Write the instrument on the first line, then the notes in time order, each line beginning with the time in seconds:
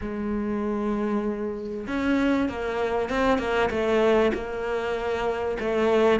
cello
0.01 G#3
1.87 C#4
2.49 A#3
3.09 C4
3.38 A#3
3.70 A3
4.34 A#3
5.59 A3